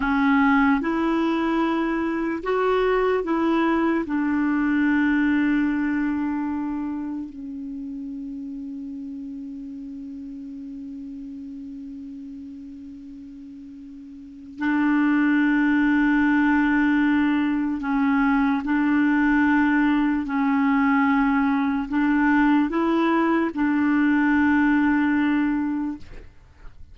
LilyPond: \new Staff \with { instrumentName = "clarinet" } { \time 4/4 \tempo 4 = 74 cis'4 e'2 fis'4 | e'4 d'2.~ | d'4 cis'2.~ | cis'1~ |
cis'2 d'2~ | d'2 cis'4 d'4~ | d'4 cis'2 d'4 | e'4 d'2. | }